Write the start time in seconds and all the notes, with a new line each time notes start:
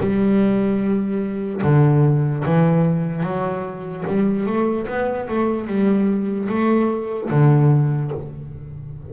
0.00 G3
1.63 D3
2.45 E3
3.23 F#3
4.07 G3
4.46 A3
4.88 B3
5.29 A3
5.67 G3
6.49 A3
7.30 D3